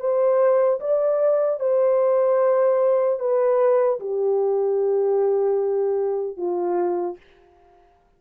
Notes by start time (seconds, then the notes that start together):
0.00 C5
0.80 D5
1.60 C5
3.20 B4
4.00 G4
6.37 F4